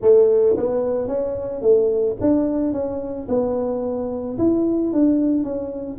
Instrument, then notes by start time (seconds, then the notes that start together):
tuba
0.01 A3
0.57 B3
1.07 C#4
1.61 A3
2.20 D4
2.73 C#4
3.28 B3
4.38 E4
4.92 D4
5.43 C#4